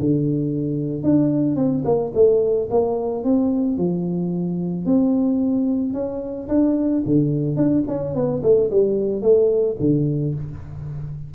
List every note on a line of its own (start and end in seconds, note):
0.00 1.03 D3
1.03 1.56 D4
1.56 1.83 C4
1.84 2.12 A#3
2.14 2.69 A3
2.70 3.24 A#3
3.24 3.77 C4
3.77 4.85 F3
4.85 5.93 C4
5.93 6.48 C#4
6.48 7.03 D4
7.06 7.56 D3
7.56 7.83 D4
7.87 8.14 C#4
8.14 8.42 B3
8.42 8.70 A3
8.70 9.22 G3
9.22 9.76 A3
9.80 10.34 D3